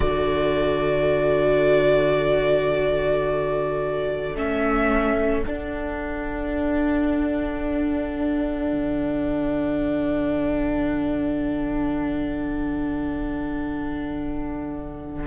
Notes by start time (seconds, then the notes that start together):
0.00 D3 F#4 A4 D5
4.35 A3 C#4 E5
5.42 D4 F#5
8.72 D3